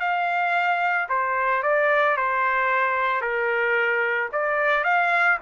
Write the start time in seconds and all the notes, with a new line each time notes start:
0.00 F5
1.09 C5
1.63 D5
2.17 C5
3.21 A#4
4.32 D5
4.84 F5